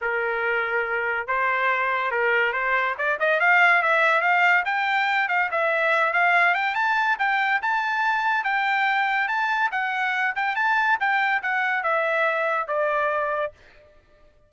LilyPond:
\new Staff \with { instrumentName = "trumpet" } { \time 4/4 \tempo 4 = 142 ais'2. c''4~ | c''4 ais'4 c''4 d''8 dis''8 | f''4 e''4 f''4 g''4~ | g''8 f''8 e''4. f''4 g''8 |
a''4 g''4 a''2 | g''2 a''4 fis''4~ | fis''8 g''8 a''4 g''4 fis''4 | e''2 d''2 | }